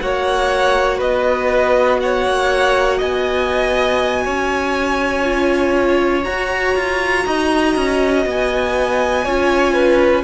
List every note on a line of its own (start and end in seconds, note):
0.00 1.01 A#3
0.00 5.24 F#4
0.00 0.98 C#5
0.00 1.00 F#5
0.98 2.26 B3
0.98 1.98 B4
0.98 2.00 D#5
2.00 2.99 C#5
2.00 3.00 F#5
2.26 3.01 A#3
2.99 4.26 B3
2.99 4.24 D#5
2.99 6.24 G#5
4.24 6.26 C#4
4.24 7.24 C#5
5.24 6.24 F4
6.24 9.24 F#4
6.24 6.76 F#4
6.24 8.24 A#5
6.76 7.26 F4
7.26 7.76 D#4
7.26 9.25 D#5
7.76 8.26 C#4
8.26 9.26 B3
8.26 10.24 G#5
9.25 10.24 C#4
9.25 10.24 F4
9.25 9.74 C#5
9.74 10.24 B4